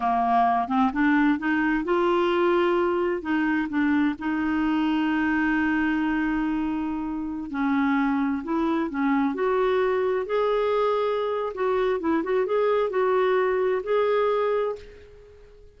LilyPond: \new Staff \with { instrumentName = "clarinet" } { \time 4/4 \tempo 4 = 130 ais4. c'8 d'4 dis'4 | f'2. dis'4 | d'4 dis'2.~ | dis'1~ |
dis'16 cis'2 e'4 cis'8.~ | cis'16 fis'2 gis'4.~ gis'16~ | gis'4 fis'4 e'8 fis'8 gis'4 | fis'2 gis'2 | }